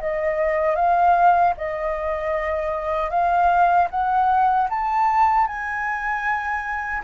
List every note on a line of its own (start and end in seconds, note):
0.00 0.75 D#5
0.75 1.53 F5
1.57 3.10 D#5
3.10 3.88 F5
3.90 4.68 F#5
4.70 5.47 A5
5.47 7.03 G#5